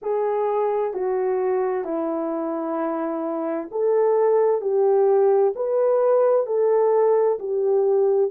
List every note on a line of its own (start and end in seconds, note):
0.02 0.93 G#4
0.93 1.84 F#4
1.84 3.69 E4
3.71 4.61 A4
4.61 5.53 G4
5.55 6.46 B4
6.46 7.38 A4
7.39 8.31 G4